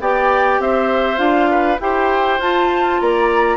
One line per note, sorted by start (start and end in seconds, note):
0.00 0.59 B3
0.00 1.17 G4
0.00 0.61 D5
0.00 0.61 G5
0.59 1.19 C4
0.59 1.51 C5
0.59 1.18 E5
1.17 1.79 D4
1.17 1.77 F4
1.17 1.78 F5
1.51 1.80 B4
1.80 2.39 E4
1.80 2.41 G4
1.80 3.01 C5
1.80 2.41 G5
2.39 2.99 F4
2.39 3.57 F4
2.39 3.01 A5
3.01 3.57 A#3
3.01 3.57 D5
3.01 3.57 A#5